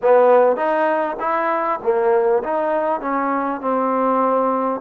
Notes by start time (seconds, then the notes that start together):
0.02 B3
0.56 D#4
1.19 E4
1.83 A#3
2.43 D#4
3.01 C#4
3.60 C4